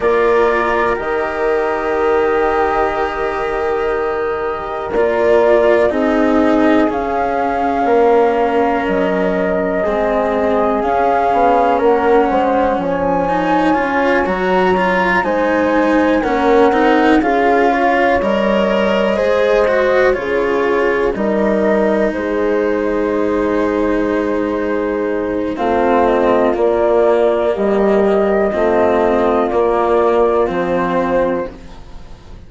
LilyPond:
<<
  \new Staff \with { instrumentName = "flute" } { \time 4/4 \tempo 4 = 61 d''4 dis''2.~ | dis''4 d''4 dis''4 f''4~ | f''4 dis''2 f''4 | fis''4 gis''4. ais''4 gis''8~ |
gis''8 fis''4 f''4 dis''4.~ | dis''8 cis''4 dis''4 c''4.~ | c''2 f''8 dis''8 d''4 | dis''2 d''4 c''4 | }
  \new Staff \with { instrumentName = "horn" } { \time 4/4 ais'1~ | ais'2 gis'2 | ais'2 gis'2 | ais'8 c''8 cis''2~ cis''8 c''8~ |
c''8 ais'4 gis'8 cis''4. c''8~ | c''8 gis'4 ais'4 gis'4.~ | gis'2 f'2 | g'4 f'2. | }
  \new Staff \with { instrumentName = "cello" } { \time 4/4 f'4 g'2.~ | g'4 f'4 dis'4 cis'4~ | cis'2 c'4 cis'4~ | cis'4. dis'8 f'8 fis'8 f'8 dis'8~ |
dis'8 cis'8 dis'8 f'4 ais'4 gis'8 | fis'8 f'4 dis'2~ dis'8~ | dis'2 c'4 ais4~ | ais4 c'4 ais4 c'4 | }
  \new Staff \with { instrumentName = "bassoon" } { \time 4/4 ais4 dis2.~ | dis4 ais4 c'4 cis'4 | ais4 fis4 gis4 cis'8 b8 | ais8 gis8 f4 cis'8 fis4 gis8~ |
gis8 ais8 c'8 cis'4 g4 gis8~ | gis8 cis4 g4 gis4.~ | gis2 a4 ais4 | g4 a4 ais4 f4 | }
>>